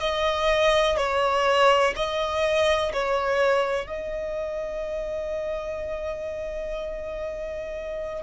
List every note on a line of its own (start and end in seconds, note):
0.00 0.97 D#5
0.97 1.94 C#5
1.96 2.93 D#5
2.93 3.87 C#5
3.87 8.23 D#5